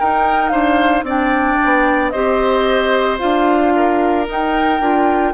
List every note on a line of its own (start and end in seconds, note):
0.00 1.07 D#4
0.00 0.52 D#4
0.00 0.52 A#4
0.00 0.49 G5
0.49 1.03 D4
0.49 1.05 C5
0.49 1.03 F5
1.03 1.56 C4
1.03 2.14 D4
1.03 2.13 D5
1.09 2.10 G5
1.64 2.14 B3
2.10 3.21 C4
2.10 3.19 G4
2.10 3.73 C5
2.10 3.17 D#5
3.19 4.29 D4
3.19 4.26 F4
3.19 4.26 F5
3.76 5.34 A#4
4.26 4.79 D#4
4.26 4.80 D#4
4.32 5.34 G5
4.80 5.34 D4
4.80 5.34 F4